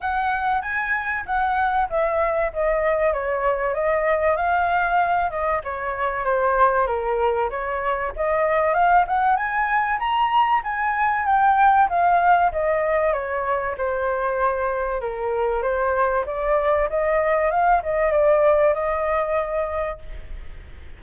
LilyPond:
\new Staff \with { instrumentName = "flute" } { \time 4/4 \tempo 4 = 96 fis''4 gis''4 fis''4 e''4 | dis''4 cis''4 dis''4 f''4~ | f''8 dis''8 cis''4 c''4 ais'4 | cis''4 dis''4 f''8 fis''8 gis''4 |
ais''4 gis''4 g''4 f''4 | dis''4 cis''4 c''2 | ais'4 c''4 d''4 dis''4 | f''8 dis''8 d''4 dis''2 | }